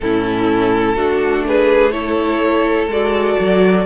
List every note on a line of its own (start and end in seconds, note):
0.00 0.96 A2
0.00 0.96 C#4
0.00 0.95 E4
0.00 1.45 A4
0.95 2.87 A3
0.95 1.91 D4
0.95 1.44 F#4
1.47 1.93 G#4
1.47 1.91 B4
1.91 2.88 E4
1.91 3.86 A4
1.91 2.87 C#5
2.87 3.35 G#3
2.87 3.86 F#4
2.87 3.86 D5
3.39 3.86 F#3